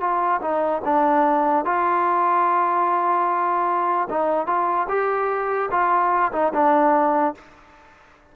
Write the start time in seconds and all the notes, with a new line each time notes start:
0.00 F4
0.41 D#4
0.85 D4
1.65 F4
4.10 D#4
4.46 F4
4.88 G4
5.71 F4
6.32 D#4
6.53 D4